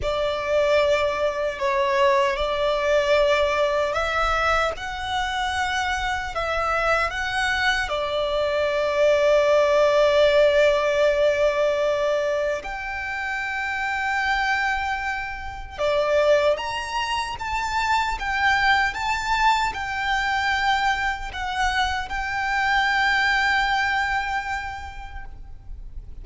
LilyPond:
\new Staff \with { instrumentName = "violin" } { \time 4/4 \tempo 4 = 76 d''2 cis''4 d''4~ | d''4 e''4 fis''2 | e''4 fis''4 d''2~ | d''1 |
g''1 | d''4 ais''4 a''4 g''4 | a''4 g''2 fis''4 | g''1 | }